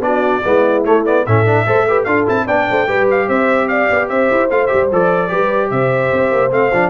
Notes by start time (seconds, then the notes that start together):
0.00 B3 D4 F#4 D5
0.44 G#3 B3 E4
0.84 A3 C#5
1.05 B3 D5
1.26 A2 C#4 A4 E5
1.46 D4
1.66 A3 A4 C5
1.88 G4 B4
2.04 D4 F4 A4 F5
2.26 C4 E4 A5
2.45 B3 D4 D5 G5
2.69 A3 C5
2.87 G3 G4 B4
3.10 F5
3.27 C4 C5 E5
3.68 D5 F5
3.90 B3
4.08 C4 C5 E5
4.31 E4
4.50 A3 F4 F5
4.66 G4 E5
4.73 G3
4.92 F3 A4 D5
5.28 G3 G4 B4
5.70 C3 C5 E5
6.12 C4
6.31 A#3
6.51 A3 C4 F5
6.72 F3 D4